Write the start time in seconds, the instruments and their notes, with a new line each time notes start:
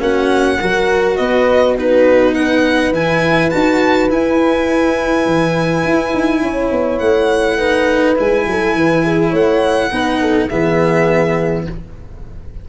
0.00 tuba A#3, cello C#4, horn F#4, violin F#5
0.61 tuba F#3, cello F#4, horn A#4
1.17 tuba B3, horn B4, violin D#5
1.77 cello D#4, horn F#4, violin B4
2.35 horn B4, violin F#5
2.92 tuba E3, cello E4, violin G#5
3.50 tuba D#4, cello F#4, violin A5
4.09 cello E4, tuba E4, violin G#5
5.26 tuba E3
5.84 tuba E4
6.14 tuba D#4
6.41 tuba C#4, horn C#5
6.72 tuba B3
6.99 tuba A3, violin F#5
7.58 cello D#4, horn B4
8.16 tuba G#3, cello E4, violin G#5
8.46 tuba F#3, horn A4
8.75 tuba E3, horn B4
9.05 horn G#4
9.30 tuba A3, horn C#5, violin F#5
9.91 tuba B3, cello D#4, horn B4
10.21 horn A4
10.49 tuba E3, cello B3, horn G#4, violin E5